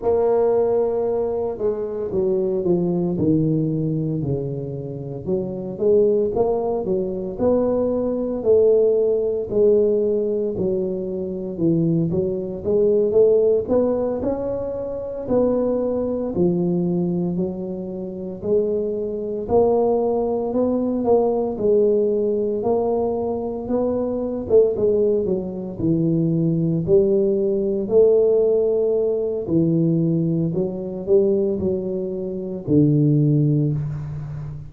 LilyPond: \new Staff \with { instrumentName = "tuba" } { \time 4/4 \tempo 4 = 57 ais4. gis8 fis8 f8 dis4 | cis4 fis8 gis8 ais8 fis8 b4 | a4 gis4 fis4 e8 fis8 | gis8 a8 b8 cis'4 b4 f8~ |
f8 fis4 gis4 ais4 b8 | ais8 gis4 ais4 b8. a16 gis8 | fis8 e4 g4 a4. | e4 fis8 g8 fis4 d4 | }